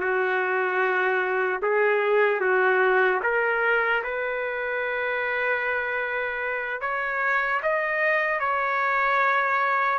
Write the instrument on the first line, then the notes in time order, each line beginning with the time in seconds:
trumpet
0.00 F#4
1.62 G#4
2.40 F#4
3.23 A#4
4.03 B4
6.81 C#5
7.63 D#5
8.40 C#5